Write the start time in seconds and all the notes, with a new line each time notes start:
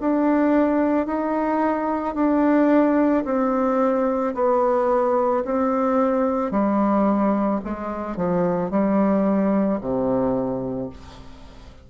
0.00 D4
1.06 D#4
2.15 D4
3.24 C4
4.34 B3
5.44 C4
6.51 G3
7.64 G#3
8.16 F3
8.70 G3
9.80 C3